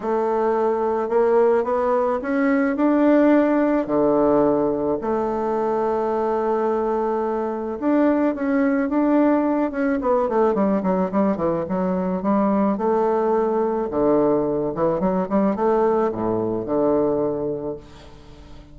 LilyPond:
\new Staff \with { instrumentName = "bassoon" } { \time 4/4 \tempo 4 = 108 a2 ais4 b4 | cis'4 d'2 d4~ | d4 a2.~ | a2 d'4 cis'4 |
d'4. cis'8 b8 a8 g8 fis8 | g8 e8 fis4 g4 a4~ | a4 d4. e8 fis8 g8 | a4 a,4 d2 | }